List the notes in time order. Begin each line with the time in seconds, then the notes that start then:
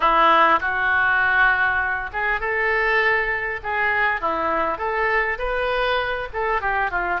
0.00 E4
0.60 F#4
2.12 G#4
2.40 A4
3.63 G#4
4.20 E4
4.78 A4
5.38 B4
6.33 A4
6.61 G4
6.90 F4